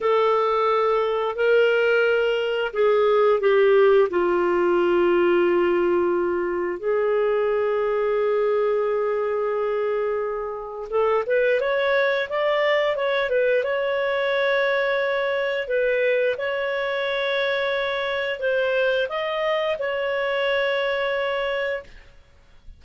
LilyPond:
\new Staff \with { instrumentName = "clarinet" } { \time 4/4 \tempo 4 = 88 a'2 ais'2 | gis'4 g'4 f'2~ | f'2 gis'2~ | gis'1 |
a'8 b'8 cis''4 d''4 cis''8 b'8 | cis''2. b'4 | cis''2. c''4 | dis''4 cis''2. | }